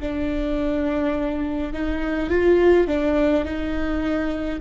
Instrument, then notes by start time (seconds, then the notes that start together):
viola
0.00 D4
1.73 D#4
2.30 F4
2.88 D4
3.45 D#4